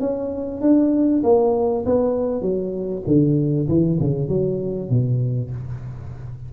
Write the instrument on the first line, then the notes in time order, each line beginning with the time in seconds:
tuba
0.00 C#4
0.61 D4
1.23 A#3
1.86 B3
2.42 F#3
3.07 D3
3.68 E3
4.00 C#3
4.28 F#3
4.90 B2